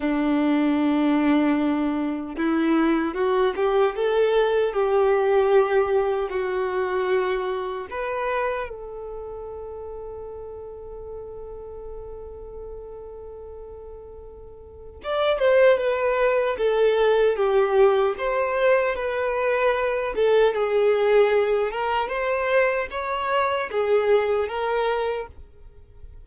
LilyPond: \new Staff \with { instrumentName = "violin" } { \time 4/4 \tempo 4 = 76 d'2. e'4 | fis'8 g'8 a'4 g'2 | fis'2 b'4 a'4~ | a'1~ |
a'2. d''8 c''8 | b'4 a'4 g'4 c''4 | b'4. a'8 gis'4. ais'8 | c''4 cis''4 gis'4 ais'4 | }